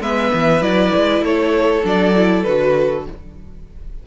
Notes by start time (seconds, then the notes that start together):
0.00 G#3 B3 B4 E5
0.34 E3
0.61 F#3 E4 D5
0.96 G#3
1.21 A3 A4 C#5
1.83 F#3 D4 D5
2.15 E4
2.43 D3 F#4 B4